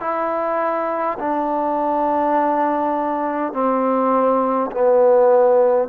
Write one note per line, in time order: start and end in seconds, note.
0.00 1.18 E4
1.19 3.53 D4
3.53 4.71 C4
4.71 5.89 B3